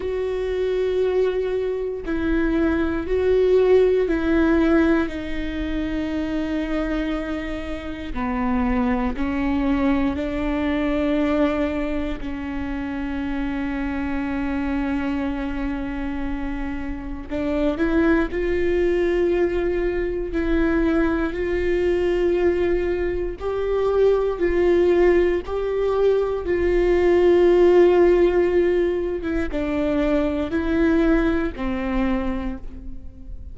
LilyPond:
\new Staff \with { instrumentName = "viola" } { \time 4/4 \tempo 4 = 59 fis'2 e'4 fis'4 | e'4 dis'2. | b4 cis'4 d'2 | cis'1~ |
cis'4 d'8 e'8 f'2 | e'4 f'2 g'4 | f'4 g'4 f'2~ | f'8. e'16 d'4 e'4 c'4 | }